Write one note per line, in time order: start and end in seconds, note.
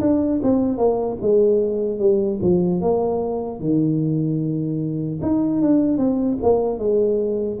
0.00 0.40 D4
0.42 0.77 C4
0.77 1.17 A#3
1.21 1.99 G#3
1.99 2.39 G3
2.41 2.81 F3
2.81 3.60 A#3
3.60 5.20 D#3
5.22 5.61 D#4
5.61 5.97 D4
5.97 6.37 C4
6.42 6.78 A#3
6.78 7.58 G#3